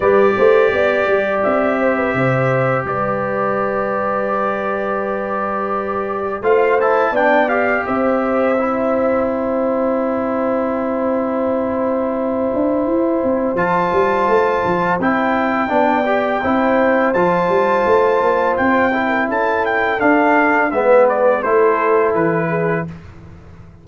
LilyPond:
<<
  \new Staff \with { instrumentName = "trumpet" } { \time 4/4 \tempo 4 = 84 d''2 e''2 | d''1~ | d''4 f''8 a''8 g''8 f''8 e''4~ | e''4 g''2.~ |
g''2. a''4~ | a''4 g''2. | a''2 g''4 a''8 g''8 | f''4 e''8 d''8 c''4 b'4 | }
  \new Staff \with { instrumentName = "horn" } { \time 4/4 b'8 c''8 d''4. c''16 b'16 c''4 | b'1~ | b'4 c''4 d''4 c''4~ | c''1~ |
c''1~ | c''2 d''4 c''4~ | c''2~ c''8. ais'16 a'4~ | a'4 b'4 a'4. gis'8 | }
  \new Staff \with { instrumentName = "trombone" } { \time 4/4 g'1~ | g'1~ | g'4 f'8 e'8 d'8 g'4. | e'1~ |
e'2. f'4~ | f'4 e'4 d'8 g'8 e'4 | f'2~ f'8 e'4. | d'4 b4 e'2 | }
  \new Staff \with { instrumentName = "tuba" } { \time 4/4 g8 a8 b8 g8 c'4 c4 | g1~ | g4 a4 b4 c'4~ | c'1~ |
c'4. d'8 e'8 c'8 f8 g8 | a8 f8 c'4 b4 c'4 | f8 g8 a8 ais8 c'4 cis'4 | d'4 gis4 a4 e4 | }
>>